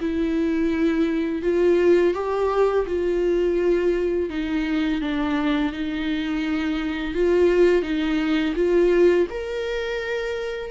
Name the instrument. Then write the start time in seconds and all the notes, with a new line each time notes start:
viola
0.00 E4
1.42 F4
2.14 G4
2.86 F4
4.29 D#4
5.01 D4
5.72 D#4
7.14 F4
7.82 D#4
8.55 F4
9.30 A#4